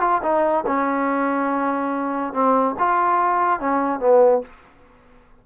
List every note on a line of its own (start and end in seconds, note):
0.00 0.21 F4
0.22 0.64 D#4
0.66 2.33 C#4
2.33 2.75 C4
2.78 3.60 F4
3.60 3.99 C#4
3.99 4.41 B3